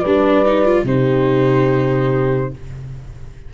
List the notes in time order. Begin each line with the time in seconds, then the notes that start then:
0.00 G3 B4 D5
0.06 D4
0.45 D#4
0.65 F4
0.84 C3 D#4 G4 C5